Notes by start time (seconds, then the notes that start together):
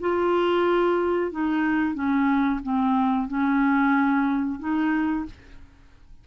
0.00 F4
1.31 D#4
1.94 C#4
2.63 C4
3.28 C#4
4.59 D#4